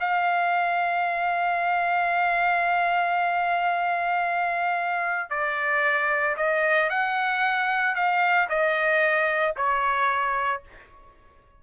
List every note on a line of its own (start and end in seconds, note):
0.00 5.30 F5
5.30 6.36 D5
6.37 6.90 D#5
6.90 7.95 F#5
7.95 8.48 F5
8.49 9.55 D#5
9.56 10.62 C#5